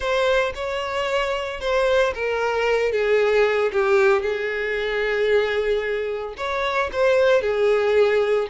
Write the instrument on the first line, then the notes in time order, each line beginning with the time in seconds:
violin
0.00 C5
0.54 C#5
1.60 C5
2.14 A#4
2.92 G#4
3.72 G4
4.22 G#4
6.37 C#5
6.92 C5
7.41 G#4